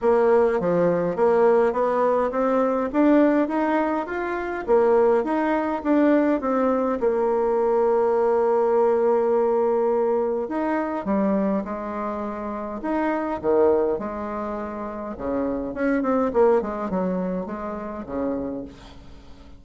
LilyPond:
\new Staff \with { instrumentName = "bassoon" } { \time 4/4 \tempo 4 = 103 ais4 f4 ais4 b4 | c'4 d'4 dis'4 f'4 | ais4 dis'4 d'4 c'4 | ais1~ |
ais2 dis'4 g4 | gis2 dis'4 dis4 | gis2 cis4 cis'8 c'8 | ais8 gis8 fis4 gis4 cis4 | }